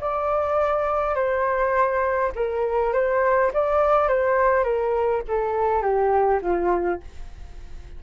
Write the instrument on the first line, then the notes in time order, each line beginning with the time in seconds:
flute
0.00 D5
1.15 C5
2.35 A#4
2.93 C5
3.53 D5
4.08 C5
4.63 A#4
5.27 A4
5.81 G4
6.42 F4